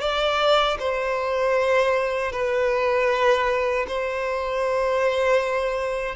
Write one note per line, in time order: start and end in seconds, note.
0.00 0.77 D5
0.79 2.32 C5
2.32 3.86 B4
3.87 6.15 C5